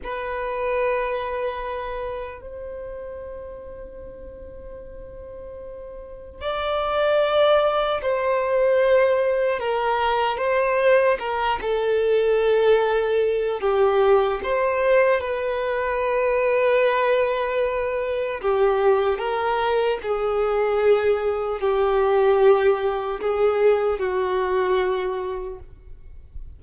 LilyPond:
\new Staff \with { instrumentName = "violin" } { \time 4/4 \tempo 4 = 75 b'2. c''4~ | c''1 | d''2 c''2 | ais'4 c''4 ais'8 a'4.~ |
a'4 g'4 c''4 b'4~ | b'2. g'4 | ais'4 gis'2 g'4~ | g'4 gis'4 fis'2 | }